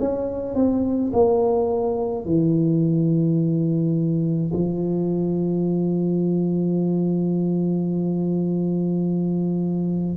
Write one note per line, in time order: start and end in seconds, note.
0.00 0.55 C#4
0.55 1.12 C4
1.13 2.25 A#3
2.25 4.52 E3
4.53 10.17 F3